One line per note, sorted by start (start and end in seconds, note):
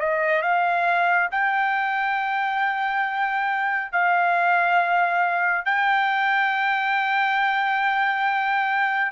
0.00 0.42 D#5
0.42 1.29 F5
1.31 3.92 G5
3.92 5.65 F5
5.65 9.11 G5